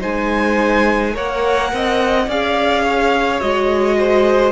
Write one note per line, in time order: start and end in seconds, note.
0.00 1.17 G#3
0.00 1.12 D#4
0.00 1.14 C5
0.00 1.16 G#5
1.12 1.73 A#3
1.12 2.26 A#4
1.12 1.71 C#5
1.12 2.31 F#5
1.73 2.28 C4
1.73 2.29 D#5
2.28 3.41 C#4
2.28 3.41 G#4
2.28 2.84 D5
2.28 3.41 F5
2.84 3.97 C#5
3.41 4.52 G#3
3.41 4.52 F#4
3.41 4.52 D#5
3.98 4.52 C5